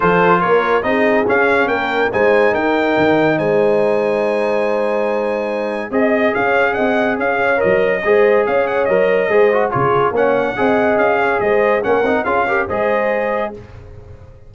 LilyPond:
<<
  \new Staff \with { instrumentName = "trumpet" } { \time 4/4 \tempo 4 = 142 c''4 cis''4 dis''4 f''4 | g''4 gis''4 g''2 | gis''1~ | gis''2 dis''4 f''4 |
fis''4 f''4 dis''2 | f''8 fis''8 dis''2 cis''4 | fis''2 f''4 dis''4 | fis''4 f''4 dis''2 | }
  \new Staff \with { instrumentName = "horn" } { \time 4/4 a'4 ais'4 gis'2 | ais'4 c''4 ais'2 | c''1~ | c''2 dis''4 cis''4 |
dis''4 cis''2 c''4 | cis''2 c''4 gis'4 | cis''4 dis''4. cis''8 c''4 | ais'4 gis'8 ais'8 c''2 | }
  \new Staff \with { instrumentName = "trombone" } { \time 4/4 f'2 dis'4 cis'4~ | cis'4 dis'2.~ | dis'1~ | dis'2 gis'2~ |
gis'2 ais'4 gis'4~ | gis'4 ais'4 gis'8 fis'8 f'4 | cis'4 gis'2. | cis'8 dis'8 f'8 g'8 gis'2 | }
  \new Staff \with { instrumentName = "tuba" } { \time 4/4 f4 ais4 c'4 cis'4 | ais4 gis4 dis'4 dis4 | gis1~ | gis2 c'4 cis'4 |
c'4 cis'4 fis4 gis4 | cis'4 fis4 gis4 cis4 | ais4 c'4 cis'4 gis4 | ais8 c'8 cis'4 gis2 | }
>>